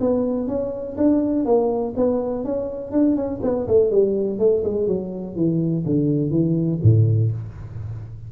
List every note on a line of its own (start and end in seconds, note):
0.00 0.47 B3
0.47 0.96 C#4
0.97 1.45 D4
1.45 1.94 A#3
1.96 2.44 B3
2.44 2.91 C#4
2.91 3.16 D4
3.16 3.40 C#4
3.43 3.67 B3
3.67 3.90 A3
3.90 4.38 G3
4.38 4.63 A3
4.64 4.87 G#3
4.87 5.35 F#3
5.35 5.84 E3
5.85 6.30 D3
6.30 6.79 E3
6.82 7.31 A2